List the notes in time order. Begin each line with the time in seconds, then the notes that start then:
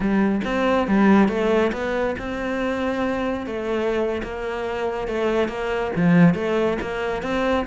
0.00 G3
0.44 C4
0.87 G3
1.28 A3
1.72 B3
2.18 C4
3.46 A3
4.23 A#3
5.07 A3
5.48 A#3
5.95 F3
6.34 A3
6.81 A#3
7.22 C4